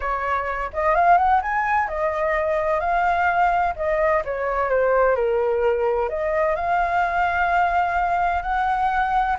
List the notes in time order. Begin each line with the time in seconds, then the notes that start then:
0.00 C#5
0.73 D#5
0.94 F5
1.17 F#5
1.42 G#5
1.88 D#5
2.80 F5
3.76 D#5
4.24 C#5
4.69 C5
5.15 A#4
6.09 D#5
6.55 F5
8.42 F#5